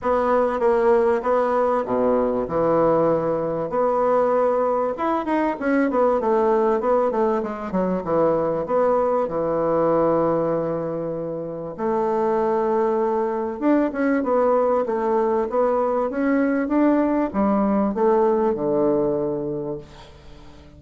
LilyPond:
\new Staff \with { instrumentName = "bassoon" } { \time 4/4 \tempo 4 = 97 b4 ais4 b4 b,4 | e2 b2 | e'8 dis'8 cis'8 b8 a4 b8 a8 | gis8 fis8 e4 b4 e4~ |
e2. a4~ | a2 d'8 cis'8 b4 | a4 b4 cis'4 d'4 | g4 a4 d2 | }